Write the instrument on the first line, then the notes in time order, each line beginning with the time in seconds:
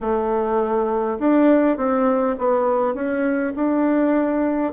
bassoon
0.01 A3
1.19 D4
1.76 C4
2.38 B3
2.94 C#4
3.55 D4